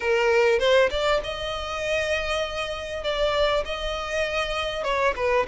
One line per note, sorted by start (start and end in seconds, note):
0.00 0.59 A#4
0.59 0.89 C5
0.90 1.20 D5
1.23 3.03 D#5
3.03 3.64 D5
3.65 4.83 D#5
4.83 5.13 C#5
5.16 5.46 B4